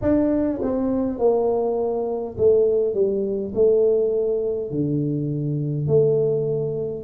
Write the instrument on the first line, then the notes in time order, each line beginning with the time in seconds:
tuba
0.01 D4
0.61 C4
1.18 A#3
2.37 A3
2.94 G3
3.54 A3
4.71 D3
5.87 A3